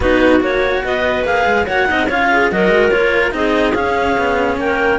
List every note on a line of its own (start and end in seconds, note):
0.00 0.40 B3
0.00 0.40 D#4
0.00 0.81 F#4
0.00 0.42 B4
0.40 0.82 A#3
0.40 1.23 F#4
0.40 0.85 C#5
0.84 1.24 B3
0.84 1.66 B4
0.84 1.25 D#5
1.24 1.45 A#3
1.24 1.65 G#4
1.24 1.67 F5
1.46 1.67 G#3
1.66 1.89 A#3
1.66 1.86 F#4
1.66 1.87 C#5
1.66 2.09 F#5
1.86 2.10 C4
1.86 2.07 D#4
1.86 2.07 D#5
2.07 2.51 C#4
2.07 2.51 F4
2.07 2.28 C#5
2.07 2.51 F5
2.32 2.53 G#4
2.51 2.68 F#3
2.51 2.91 F#4
2.51 3.35 A#4
2.51 2.90 D#5
2.68 2.89 G#3
2.90 3.33 A#3
2.90 3.31 F4
2.90 3.31 C#5
3.31 3.74 C4
3.31 3.72 D#4
3.31 4.60 G#4
3.31 3.73 D#5
3.73 4.16 C#4
3.73 4.98 C#4
3.73 4.57 F5
4.17 4.56 B3
4.56 4.98 A#3
4.56 4.98 A#4
4.56 4.98 G5